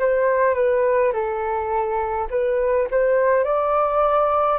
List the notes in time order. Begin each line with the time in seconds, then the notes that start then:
0.00 C5
0.55 B4
1.13 A4
2.31 B4
2.91 C5
3.45 D5